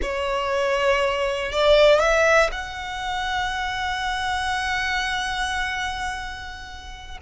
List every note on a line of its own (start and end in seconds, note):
0.02 1.51 C#5
1.51 1.99 D5
1.99 2.50 E5
2.51 7.18 F#5